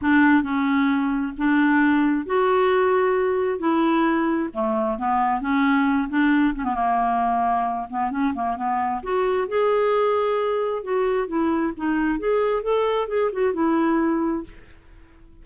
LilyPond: \new Staff \with { instrumentName = "clarinet" } { \time 4/4 \tempo 4 = 133 d'4 cis'2 d'4~ | d'4 fis'2. | e'2 a4 b4 | cis'4. d'4 cis'16 b16 ais4~ |
ais4. b8 cis'8 ais8 b4 | fis'4 gis'2. | fis'4 e'4 dis'4 gis'4 | a'4 gis'8 fis'8 e'2 | }